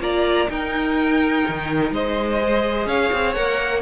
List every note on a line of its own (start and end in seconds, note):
0.00 0.48 A#3
0.00 0.48 F4
0.00 0.50 D5
0.00 0.50 A#5
0.49 2.39 D#4
0.49 1.44 D#4
0.49 1.94 A#4
0.49 1.92 G5
1.48 1.91 D#3
1.91 2.86 G#3
1.91 2.88 C5
1.91 2.88 D#5
2.40 3.35 G#4
2.86 3.10 C#4
2.86 3.82 C#5
2.86 3.34 F5
3.12 3.36 C4
3.34 3.82 A#3
3.34 3.82 A#4
3.34 3.82 F#5